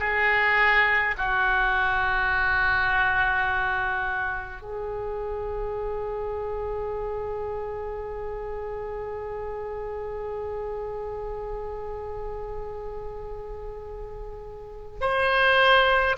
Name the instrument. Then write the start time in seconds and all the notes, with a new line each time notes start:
oboe
0.00 G#4
1.18 F#4
4.62 G#4
15.01 C5